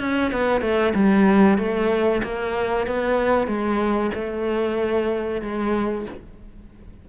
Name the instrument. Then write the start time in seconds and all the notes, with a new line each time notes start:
cello
0.00 C#4
0.32 B3
0.62 A3
0.95 G3
1.58 A3
2.23 A#3
2.87 B3
3.47 G#3
4.15 A3
5.42 G#3